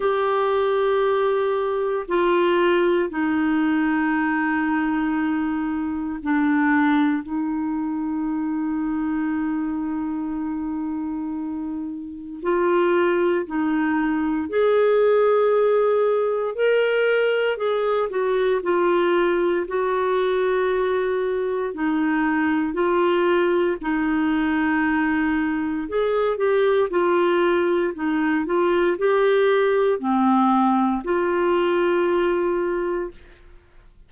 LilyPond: \new Staff \with { instrumentName = "clarinet" } { \time 4/4 \tempo 4 = 58 g'2 f'4 dis'4~ | dis'2 d'4 dis'4~ | dis'1 | f'4 dis'4 gis'2 |
ais'4 gis'8 fis'8 f'4 fis'4~ | fis'4 dis'4 f'4 dis'4~ | dis'4 gis'8 g'8 f'4 dis'8 f'8 | g'4 c'4 f'2 | }